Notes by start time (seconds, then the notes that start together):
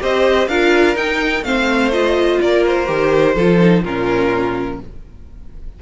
0.00 C4 G4 C5 D#5
0.48 D4 F4 A#4 F5
0.96 D#4 G5
1.43 A3 C4 C5 F5
1.92 F4 D#5
2.42 A#3 A#4 D5
2.66 C5
2.86 D#3 G4
3.35 F3 F4 A4
3.59 D#4
3.83 A#2 C#4 F4 A#4